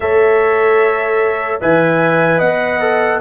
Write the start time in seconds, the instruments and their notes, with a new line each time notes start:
0.00 tuba A3, trombone A4, horn C#5, trumpet E5
1.61 tuba E3, trombone B4, horn E5, trumpet G#5
2.38 tuba B3, horn D#5, trumpet F#5
2.80 trombone A4